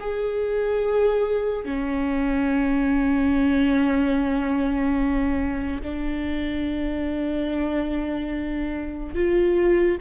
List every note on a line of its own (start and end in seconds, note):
0.00 1.65 G#4
1.65 5.82 C#4
5.83 9.15 D4
9.15 9.98 F4